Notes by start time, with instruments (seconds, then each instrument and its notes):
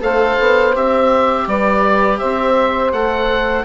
0.00 bassoon A3, viola A4, saxophone C5, oboe F5
0.39 bassoon B3
0.74 bassoon C4, viola G4, oboe E5
1.47 bassoon G3, saxophone B4, oboe D5
2.18 bassoon C4, saxophone C5, oboe E5
2.92 bassoon A3, viola A4, oboe F#5